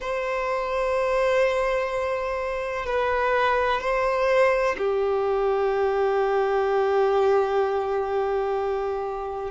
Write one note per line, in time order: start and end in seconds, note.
0.00 2.86 C5
2.86 3.81 B4
3.81 4.76 C5
4.78 9.51 G4